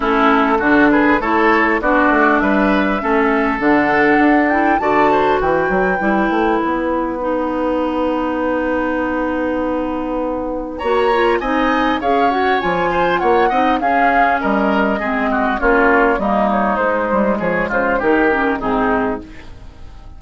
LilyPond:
<<
  \new Staff \with { instrumentName = "flute" } { \time 4/4 \tempo 4 = 100 a'4. b'8 cis''4 d''4 | e''2 fis''4. g''8 | a''4 g''2 fis''4~ | fis''1~ |
fis''2 ais''4 gis''4 | f''8 fis''8 gis''4 fis''4 f''4 | dis''2 cis''4 dis''8 cis''8 | c''4 cis''8 c''8 ais'4 gis'4 | }
  \new Staff \with { instrumentName = "oboe" } { \time 4/4 e'4 fis'8 gis'8 a'4 fis'4 | b'4 a'2. | d''8 c''8 b'2.~ | b'1~ |
b'2 cis''4 dis''4 | cis''4. c''8 cis''8 dis''8 gis'4 | ais'4 gis'8 fis'8 f'4 dis'4~ | dis'4 gis'8 f'8 g'4 dis'4 | }
  \new Staff \with { instrumentName = "clarinet" } { \time 4/4 cis'4 d'4 e'4 d'4~ | d'4 cis'4 d'4. e'8 | fis'2 e'2 | dis'1~ |
dis'2 fis'8 f'8 dis'4 | gis'8 fis'8 f'4. dis'8 cis'4~ | cis'4 c'4 cis'4 ais4 | gis2 dis'8 cis'8 c'4 | }
  \new Staff \with { instrumentName = "bassoon" } { \time 4/4 a4 d4 a4 b8 a8 | g4 a4 d4 d'4 | d4 e8 fis8 g8 a8 b4~ | b1~ |
b2 ais4 c'4 | cis'4 f4 ais8 c'8 cis'4 | g4 gis4 ais4 g4 | gis8 g8 f8 cis8 dis4 gis,4 | }
>>